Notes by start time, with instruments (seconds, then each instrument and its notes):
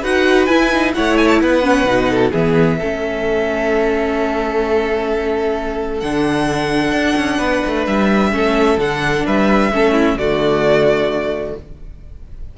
0.00 cello D#4, viola F#4, violin B4 F#5
0.45 cello E4, viola E4, violin G#5
0.72 viola D#4
0.94 cello A3, viola E4, violin C#5 F#5
1.17 violin G#5
1.27 violin A5
1.41 cello B3, violin B4 F#5
1.62 viola C#4
1.84 cello B2, viola D#4
2.10 violin A4
2.31 cello E3, viola B3, violin G#4 E5
2.78 cello A3, viola C#4, violin A4
5.99 cello D3, viola D4, violin F#5
6.92 cello D4
7.16 cello C#4
7.37 cello B3, violin B4
7.66 cello A3
7.87 cello G3, violin E5
8.31 cello A3, viola C#4, violin A4
8.77 cello D3, viola D4, violin F#5
9.26 cello G3, violin B4 E5
9.72 cello A3, viola C#4, violin A4
9.92 violin E4
10.15 cello D3, viola A3, violin F#4 D5